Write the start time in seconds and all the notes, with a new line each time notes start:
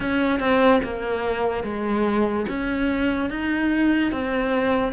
0.00 C#4
0.39 C4
0.83 A#3
1.63 G#3
2.48 C#4
3.30 D#4
4.11 C4